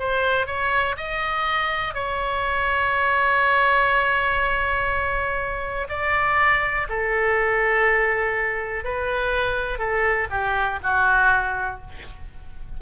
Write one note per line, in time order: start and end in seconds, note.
0.00 0.47 C5
0.47 0.96 C#5
0.97 1.95 D#5
1.95 5.88 C#5
5.89 6.88 D5
6.89 8.84 A4
8.84 9.79 B4
9.79 10.28 A4
10.31 10.80 G4
10.84 11.82 F#4